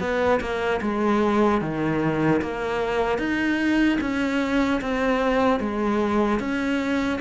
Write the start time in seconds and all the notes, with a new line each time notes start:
0.00 B3
0.40 A#3
0.81 G#3
1.61 D#3
2.41 A#3
3.18 D#4
4.01 C#4
4.81 C4
5.60 G#3
6.40 C#4